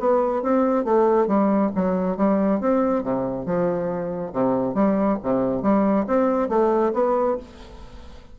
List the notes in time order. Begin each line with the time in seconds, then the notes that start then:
0.00 B3
0.43 C4
0.85 A3
1.28 G3
1.76 F#3
2.17 G3
2.61 C4
3.04 C3
3.46 F3
4.33 C3
4.75 G3
5.23 C3
5.63 G3
6.08 C4
6.49 A3
6.94 B3